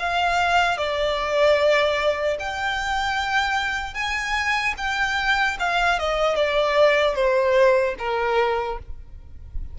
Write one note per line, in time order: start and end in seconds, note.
0.00 0.78 F5
0.78 2.38 D5
2.40 3.95 G5
3.95 4.75 G#5
4.78 5.58 G5
5.60 6.00 F5
6.00 6.36 D#5
6.36 7.16 D5
7.16 7.96 C5
7.99 8.79 A#4